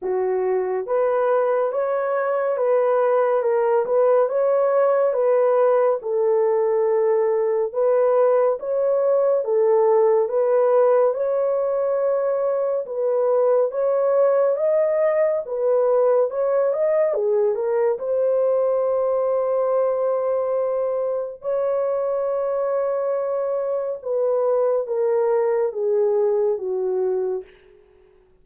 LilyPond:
\new Staff \with { instrumentName = "horn" } { \time 4/4 \tempo 4 = 70 fis'4 b'4 cis''4 b'4 | ais'8 b'8 cis''4 b'4 a'4~ | a'4 b'4 cis''4 a'4 | b'4 cis''2 b'4 |
cis''4 dis''4 b'4 cis''8 dis''8 | gis'8 ais'8 c''2.~ | c''4 cis''2. | b'4 ais'4 gis'4 fis'4 | }